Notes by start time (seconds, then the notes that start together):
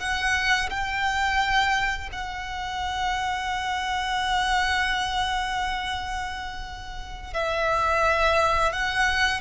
0.00 F#5
0.70 G5
2.12 F#5
7.34 E5
8.73 F#5